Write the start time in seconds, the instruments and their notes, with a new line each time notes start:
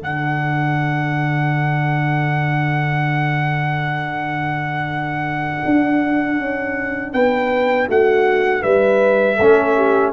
0.00 tuba D3, trombone D4, horn A4, trumpet F#5
5.65 tuba D4
6.38 tuba C#4
7.13 tuba B3, horn B4, trumpet G5
7.88 tuba A3, horn F#4, trumpet F#5
8.62 tuba G3, horn B4, trumpet E5
9.37 tuba A3, trombone C#4, horn A4
9.77 horn G4